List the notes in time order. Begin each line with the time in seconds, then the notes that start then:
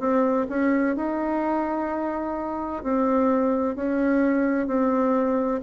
0.00 C4
0.49 C#4
0.96 D#4
2.83 C4
3.76 C#4
4.67 C4